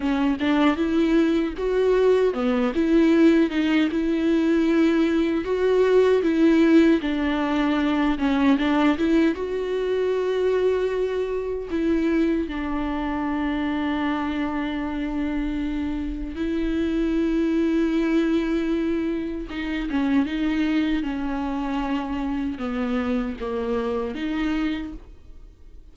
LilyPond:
\new Staff \with { instrumentName = "viola" } { \time 4/4 \tempo 4 = 77 cis'8 d'8 e'4 fis'4 b8 e'8~ | e'8 dis'8 e'2 fis'4 | e'4 d'4. cis'8 d'8 e'8 | fis'2. e'4 |
d'1~ | d'4 e'2.~ | e'4 dis'8 cis'8 dis'4 cis'4~ | cis'4 b4 ais4 dis'4 | }